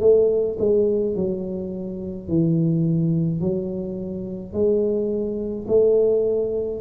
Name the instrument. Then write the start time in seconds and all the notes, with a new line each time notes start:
tuba
0.00 A3
0.59 G#3
1.15 F#3
2.28 E3
3.41 F#3
4.53 G#3
5.68 A3